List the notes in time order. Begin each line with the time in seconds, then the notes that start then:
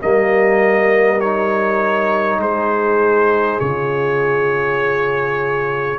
0.00 G3 A#3 A#4 D#5
1.20 D#4 C#5
2.38 G#3 G#4 C5
3.60 C#3 F4 C#5